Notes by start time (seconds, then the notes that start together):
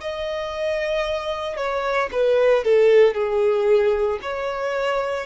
0.00 D#5
1.56 C#5
2.11 B4
2.64 A4
3.14 G#4
4.22 C#5